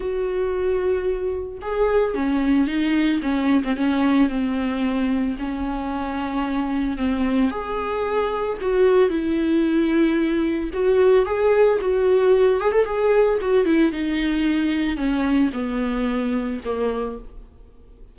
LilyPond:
\new Staff \with { instrumentName = "viola" } { \time 4/4 \tempo 4 = 112 fis'2. gis'4 | cis'4 dis'4 cis'8. c'16 cis'4 | c'2 cis'2~ | cis'4 c'4 gis'2 |
fis'4 e'2. | fis'4 gis'4 fis'4. gis'16 a'16 | gis'4 fis'8 e'8 dis'2 | cis'4 b2 ais4 | }